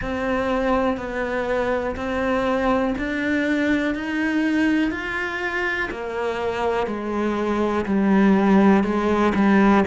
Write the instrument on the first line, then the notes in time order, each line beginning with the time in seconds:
cello
0.01 C4
0.97 B3
1.95 C4
2.98 D4
3.94 D#4
4.91 F4
5.91 A#3
6.86 G#3
7.85 G3
8.83 G#3
9.34 G3